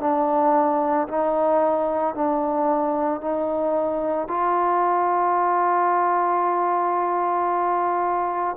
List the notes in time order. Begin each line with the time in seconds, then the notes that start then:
0.00 D4
1.08 D#4
2.14 D4
3.21 D#4
4.28 F4